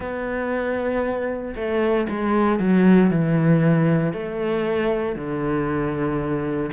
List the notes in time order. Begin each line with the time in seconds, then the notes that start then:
0.00 B3
1.55 A3
2.09 G#3
2.59 F#3
3.10 E3
4.12 A3
5.15 D3